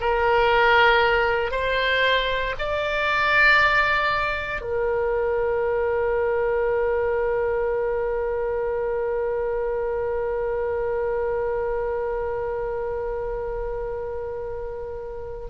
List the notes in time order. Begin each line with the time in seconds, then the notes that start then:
0.00 A#4
1.51 C5
2.59 D5
4.61 A#4